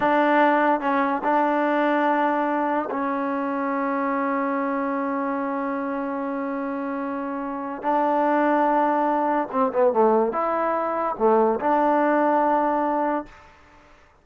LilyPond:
\new Staff \with { instrumentName = "trombone" } { \time 4/4 \tempo 4 = 145 d'2 cis'4 d'4~ | d'2. cis'4~ | cis'1~ | cis'1~ |
cis'2. d'4~ | d'2. c'8 b8 | a4 e'2 a4 | d'1 | }